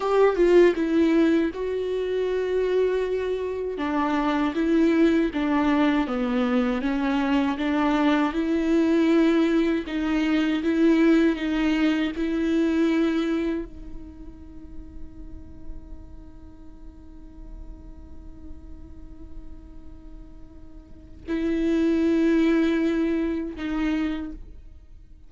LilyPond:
\new Staff \with { instrumentName = "viola" } { \time 4/4 \tempo 4 = 79 g'8 f'8 e'4 fis'2~ | fis'4 d'4 e'4 d'4 | b4 cis'4 d'4 e'4~ | e'4 dis'4 e'4 dis'4 |
e'2 dis'2~ | dis'1~ | dis'1 | e'2. dis'4 | }